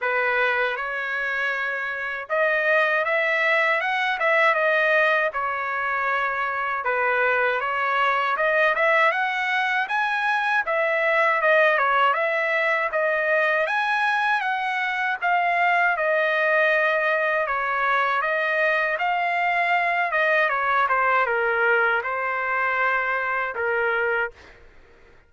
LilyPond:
\new Staff \with { instrumentName = "trumpet" } { \time 4/4 \tempo 4 = 79 b'4 cis''2 dis''4 | e''4 fis''8 e''8 dis''4 cis''4~ | cis''4 b'4 cis''4 dis''8 e''8 | fis''4 gis''4 e''4 dis''8 cis''8 |
e''4 dis''4 gis''4 fis''4 | f''4 dis''2 cis''4 | dis''4 f''4. dis''8 cis''8 c''8 | ais'4 c''2 ais'4 | }